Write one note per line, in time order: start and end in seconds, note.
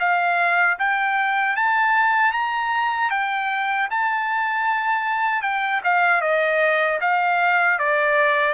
0.00 0.78 F5
0.79 1.56 G5
1.56 2.33 A5
2.33 3.11 A#5
3.11 3.89 G5
3.91 5.43 A5
5.43 5.82 G5
5.84 6.22 F5
6.22 7.00 D#5
7.01 7.79 F5
7.79 8.54 D5